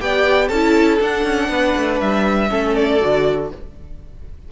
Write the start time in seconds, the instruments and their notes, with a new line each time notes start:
0.00 cello B3, viola G4, violin D5 G5
0.48 cello C#4, viola E4, violin A4 A5
0.99 viola D4, cello D4, violin F#5
1.24 cello C#4
1.49 cello B3, violin B4
1.76 cello A3
2.00 cello G3, violin E5
2.49 cello A3, viola C#4, violin A4
2.74 violin D5
3.00 cello D3, viola F#4